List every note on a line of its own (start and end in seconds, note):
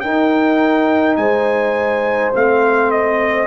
0.00 2.33 D#4
0.00 1.16 D#4
0.00 1.19 A#4
0.00 1.15 G5
1.16 2.32 G#3
1.16 3.47 C5
1.16 2.31 G#5
2.33 3.47 A3
2.33 3.47 C4
2.33 2.91 F5
2.91 3.47 D#5